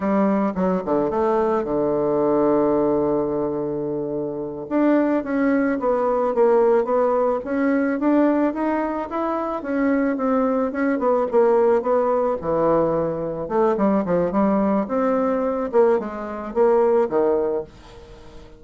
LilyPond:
\new Staff \with { instrumentName = "bassoon" } { \time 4/4 \tempo 4 = 109 g4 fis8 d8 a4 d4~ | d1~ | d8 d'4 cis'4 b4 ais8~ | ais8 b4 cis'4 d'4 dis'8~ |
dis'8 e'4 cis'4 c'4 cis'8 | b8 ais4 b4 e4.~ | e8 a8 g8 f8 g4 c'4~ | c'8 ais8 gis4 ais4 dis4 | }